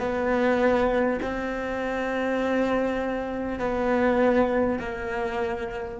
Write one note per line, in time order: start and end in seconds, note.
0.00 1.20 B3
1.23 3.59 C4
3.59 4.79 B3
4.79 5.99 A#3